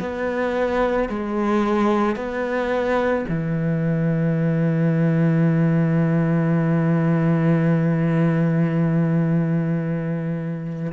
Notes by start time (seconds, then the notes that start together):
0.00 B3
1.09 G#3
2.16 B3
3.29 E3